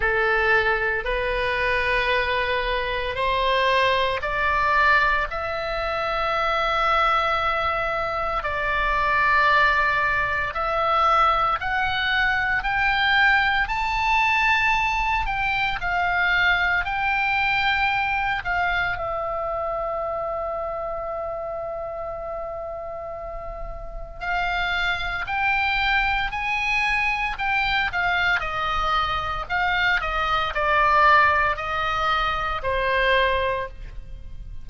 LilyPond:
\new Staff \with { instrumentName = "oboe" } { \time 4/4 \tempo 4 = 57 a'4 b'2 c''4 | d''4 e''2. | d''2 e''4 fis''4 | g''4 a''4. g''8 f''4 |
g''4. f''8 e''2~ | e''2. f''4 | g''4 gis''4 g''8 f''8 dis''4 | f''8 dis''8 d''4 dis''4 c''4 | }